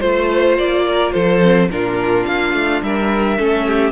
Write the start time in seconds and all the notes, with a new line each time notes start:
0.00 A3 F4 C5
0.58 A#3 D5
0.88 A#4
1.13 F3 A4 C5
1.42 C4
1.69 A#2 D4 F4 A#4
2.26 A#3 F5
2.54 A3
2.82 G3 A#4 E5
3.38 A3 C#4 A4
3.66 G4